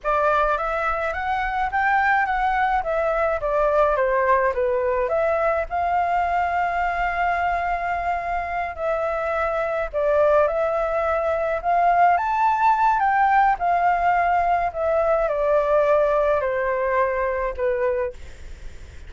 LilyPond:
\new Staff \with { instrumentName = "flute" } { \time 4/4 \tempo 4 = 106 d''4 e''4 fis''4 g''4 | fis''4 e''4 d''4 c''4 | b'4 e''4 f''2~ | f''2.~ f''8 e''8~ |
e''4. d''4 e''4.~ | e''8 f''4 a''4. g''4 | f''2 e''4 d''4~ | d''4 c''2 b'4 | }